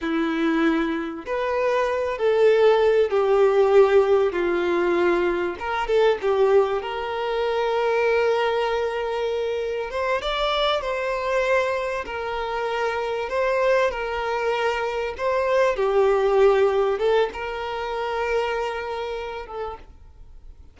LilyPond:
\new Staff \with { instrumentName = "violin" } { \time 4/4 \tempo 4 = 97 e'2 b'4. a'8~ | a'4 g'2 f'4~ | f'4 ais'8 a'8 g'4 ais'4~ | ais'1 |
c''8 d''4 c''2 ais'8~ | ais'4. c''4 ais'4.~ | ais'8 c''4 g'2 a'8 | ais'2.~ ais'8 a'8 | }